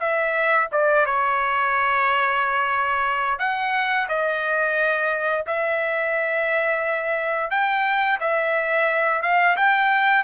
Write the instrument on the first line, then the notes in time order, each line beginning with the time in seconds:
trumpet
0.00 E5
0.72 D5
1.06 C#5
3.39 F#5
4.08 D#5
5.47 E5
7.51 G5
8.20 E5
9.22 F5
9.56 G5